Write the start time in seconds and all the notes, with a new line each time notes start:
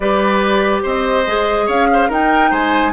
0.00 G3 G4 B4 D5
0.82 C4 C5 D#5
1.26 G#3 G#4
1.66 C#4 C#5 F5
1.92 C5
2.08 D#4 A#4 G5
2.50 G#3 C5 G#5